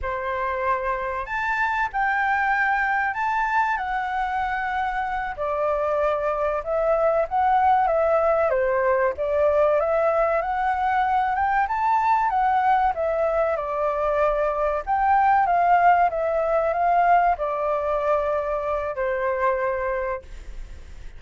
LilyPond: \new Staff \with { instrumentName = "flute" } { \time 4/4 \tempo 4 = 95 c''2 a''4 g''4~ | g''4 a''4 fis''2~ | fis''8 d''2 e''4 fis''8~ | fis''8 e''4 c''4 d''4 e''8~ |
e''8 fis''4. g''8 a''4 fis''8~ | fis''8 e''4 d''2 g''8~ | g''8 f''4 e''4 f''4 d''8~ | d''2 c''2 | }